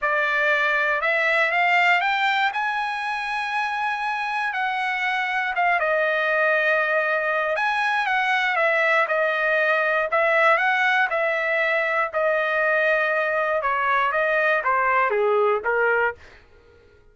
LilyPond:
\new Staff \with { instrumentName = "trumpet" } { \time 4/4 \tempo 4 = 119 d''2 e''4 f''4 | g''4 gis''2.~ | gis''4 fis''2 f''8 dis''8~ | dis''2. gis''4 |
fis''4 e''4 dis''2 | e''4 fis''4 e''2 | dis''2. cis''4 | dis''4 c''4 gis'4 ais'4 | }